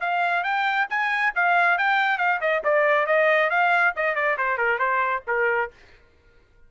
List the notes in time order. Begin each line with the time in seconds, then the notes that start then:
0.00 F5
0.43 G5
0.89 G#5
1.35 F5
1.78 G5
2.18 F5
2.40 D#5
2.64 D5
3.06 D#5
3.50 F5
3.96 D#5
4.15 D5
4.37 C5
4.58 A#4
4.79 C5
5.27 A#4